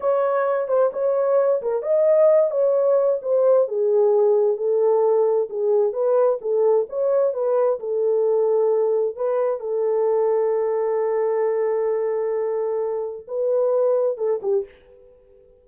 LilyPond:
\new Staff \with { instrumentName = "horn" } { \time 4/4 \tempo 4 = 131 cis''4. c''8 cis''4. ais'8 | dis''4. cis''4. c''4 | gis'2 a'2 | gis'4 b'4 a'4 cis''4 |
b'4 a'2. | b'4 a'2.~ | a'1~ | a'4 b'2 a'8 g'8 | }